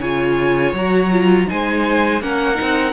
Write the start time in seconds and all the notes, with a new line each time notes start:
0.00 C#3 F4 C#5 G#5
0.74 F#3 F#4 A#5
1.11 F4
1.47 G#3 D#4 C5 G#5
2.21 A#3 C#4 A#4 F#5
2.55 D#4
2.61 C4